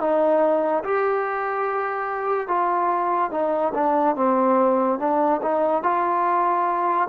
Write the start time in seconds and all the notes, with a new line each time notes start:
0.00 D#4
0.84 G4
2.48 F4
3.31 D#4
3.74 D4
4.16 C4
4.99 D4
5.42 D#4
5.83 F4